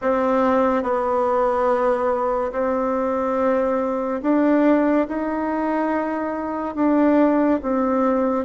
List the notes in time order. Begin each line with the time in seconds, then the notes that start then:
0.01 C4
0.82 B3
2.52 C4
4.22 D4
5.07 D#4
6.75 D4
7.62 C4